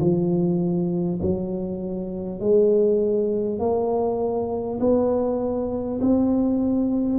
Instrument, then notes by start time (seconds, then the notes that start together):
tuba
0.00 F3
1.22 F#3
2.40 G#3
3.59 A#3
4.80 B3
6.00 C4